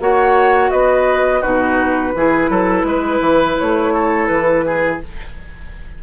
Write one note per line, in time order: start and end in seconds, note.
0.00 0.71 A#3
0.00 1.42 F#4
0.00 0.71 C#5
0.00 0.71 F#5
0.71 1.43 B3
0.71 1.40 B4
0.71 1.42 D#5
1.40 2.15 B2
1.40 2.14 D#4
1.40 2.12 F#4
1.40 3.57 B4
2.15 2.50 E3
2.15 5.03 E4
2.15 2.50 G#4
2.50 2.84 F#3
2.50 2.86 A4
2.84 3.20 G#3
2.84 3.94 B4
3.20 3.56 E3
3.59 4.29 A3
3.59 4.27 C#5
3.94 4.65 A4
4.27 5.00 E3
4.27 4.98 B4
4.66 5.02 G#4